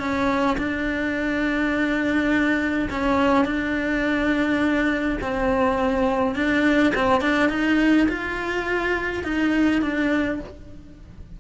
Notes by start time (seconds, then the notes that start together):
0.00 C#4
0.58 D4
2.91 C#4
3.45 D4
5.21 C4
6.36 D4
6.95 C4
7.21 D4
7.50 D#4
8.09 F4
9.24 D#4
9.82 D4